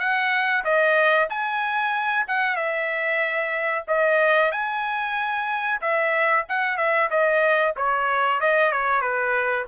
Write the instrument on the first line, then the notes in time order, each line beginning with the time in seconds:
trumpet
0.00 F#5
0.65 D#5
1.30 G#5
2.28 F#5
2.57 E5
3.88 D#5
4.52 G#5
5.82 E5
6.49 F#5
6.78 E5
7.11 D#5
7.77 C#5
8.41 D#5
8.72 C#5
9.01 B4